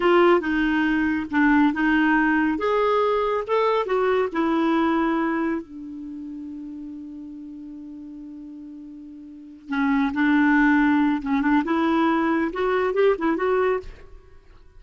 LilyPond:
\new Staff \with { instrumentName = "clarinet" } { \time 4/4 \tempo 4 = 139 f'4 dis'2 d'4 | dis'2 gis'2 | a'4 fis'4 e'2~ | e'4 d'2.~ |
d'1~ | d'2~ d'8 cis'4 d'8~ | d'2 cis'8 d'8 e'4~ | e'4 fis'4 g'8 e'8 fis'4 | }